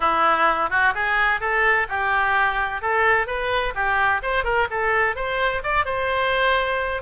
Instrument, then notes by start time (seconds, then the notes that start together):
oboe
0.00 E4
0.70 F#4
0.94 G#4
1.40 A4
1.88 G4
2.81 A4
3.26 B4
3.75 G4
4.22 C5
4.44 A#4
4.70 A4
5.15 C5
5.63 D5
5.85 C5